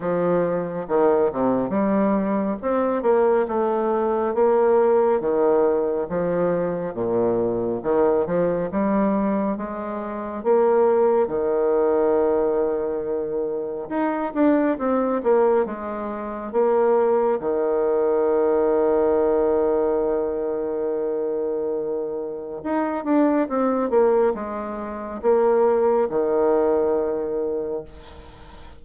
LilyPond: \new Staff \with { instrumentName = "bassoon" } { \time 4/4 \tempo 4 = 69 f4 dis8 c8 g4 c'8 ais8 | a4 ais4 dis4 f4 | ais,4 dis8 f8 g4 gis4 | ais4 dis2. |
dis'8 d'8 c'8 ais8 gis4 ais4 | dis1~ | dis2 dis'8 d'8 c'8 ais8 | gis4 ais4 dis2 | }